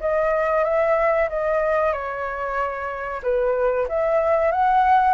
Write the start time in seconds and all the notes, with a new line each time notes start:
0.00 D#5
0.64 E5
1.29 D#5
1.92 C#5
3.23 B4
3.88 E5
4.52 F#5